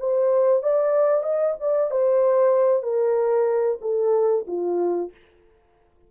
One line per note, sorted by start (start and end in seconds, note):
0.00 0.63 C5
0.63 1.24 D5
1.24 1.56 D#5
1.61 1.91 D5
1.91 2.83 C5
2.83 3.79 A#4
3.82 4.46 A4
4.48 5.12 F4